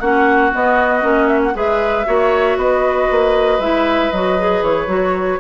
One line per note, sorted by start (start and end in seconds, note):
0.00 0.52 A#3
0.00 0.52 C#4
0.00 1.54 F#4
0.00 0.51 F#5
0.52 1.01 B3
0.52 1.03 B3
0.52 1.27 D#5
1.01 1.54 A#3
1.01 1.53 C#4
1.27 1.40 E5
1.43 1.56 F#5
1.54 2.06 G#3
1.54 2.05 G#4
1.54 2.07 B4
1.54 2.59 E5
2.06 2.57 A#3
2.06 3.60 F#4
2.06 2.58 C#5
2.57 3.08 B3
2.57 5.40 B4
2.57 3.61 D#5
3.11 3.59 A#3
3.59 4.10 G#3
3.59 4.12 E4
3.59 4.12 E5
4.12 4.62 F#3
4.12 4.38 F#4
4.12 4.63 D#5
4.38 4.87 G#4
4.62 4.87 E3
4.62 5.40 C#5
4.87 5.39 F#3
4.87 5.39 F#4